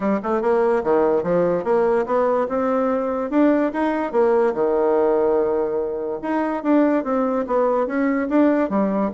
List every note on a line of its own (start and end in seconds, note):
0.00 0.20 G3
0.22 0.41 A3
0.41 0.83 A#3
0.83 1.23 D#3
1.23 1.64 F3
1.64 2.05 A#3
2.05 2.47 B3
2.48 3.30 C4
3.30 3.71 D4
3.72 4.12 D#4
4.12 4.53 A#3
4.54 6.19 D#3
6.22 6.63 D#4
6.63 7.04 D4
7.04 7.45 C4
7.47 7.86 B3
7.86 8.28 C#4
8.29 8.69 D4
8.69 9.11 G3